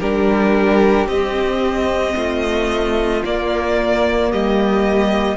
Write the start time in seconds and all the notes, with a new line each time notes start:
0.00 G3 D4 G4 A#4
1.07 C4 D#5
2.16 A3 F4
3.25 A#3 D5
4.31 G3 G4 D#5